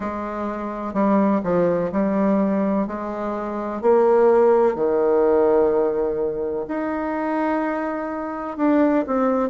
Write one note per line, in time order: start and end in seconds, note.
0.00 0.93 G#3
0.93 1.41 G3
1.43 1.91 F3
1.91 2.87 G3
2.87 3.81 G#3
3.81 4.75 A#3
4.75 6.65 D#3
6.68 8.57 D#4
8.57 9.04 D4
9.06 9.49 C4